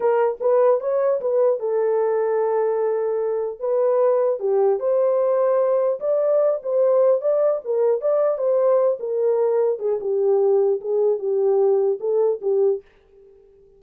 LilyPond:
\new Staff \with { instrumentName = "horn" } { \time 4/4 \tempo 4 = 150 ais'4 b'4 cis''4 b'4 | a'1~ | a'4 b'2 g'4 | c''2. d''4~ |
d''8 c''4. d''4 ais'4 | d''4 c''4. ais'4.~ | ais'8 gis'8 g'2 gis'4 | g'2 a'4 g'4 | }